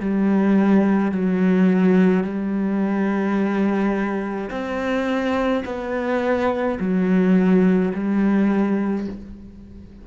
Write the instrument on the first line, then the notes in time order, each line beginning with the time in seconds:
cello
0.00 G3
1.12 F#3
2.23 G3
4.51 C4
5.66 B3
6.80 F#3
7.94 G3